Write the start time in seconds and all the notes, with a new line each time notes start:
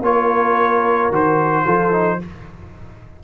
0.00 A#3 F4 A#4 C#5
1.10 D#3 F#4 C5
1.64 F3 F4 A4
1.92 D#4